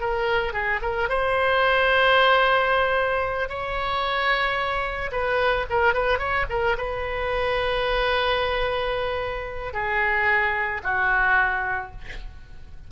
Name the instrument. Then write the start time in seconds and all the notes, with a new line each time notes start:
oboe
0.00 A#4
0.53 G#4
0.82 A#4
1.09 C5
3.49 C#5
5.12 B4
5.70 A#4
5.94 B4
6.18 C#5
6.49 A#4
6.77 B4
9.73 G#4
10.83 F#4